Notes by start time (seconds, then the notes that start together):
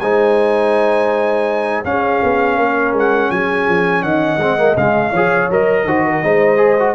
0.00 G#3 D#4 C5 G#5
1.84 C#4 G#4 F5
2.22 B3
2.57 A#3 A#4
2.92 G#3
2.98 F#5
3.30 F#3 G#4 G#5
3.67 F3
4.02 D#3 D#5 F#5
4.37 G#3 C4
4.57 A#3
4.76 C#3 G#3 F5
5.10 F3 G#4 C#5
5.49 F#3 A#4 D#5
5.85 D#3 F#4 C5
6.04 A#4
6.23 G#3 D#4 C5
6.57 G#4
6.79 F#4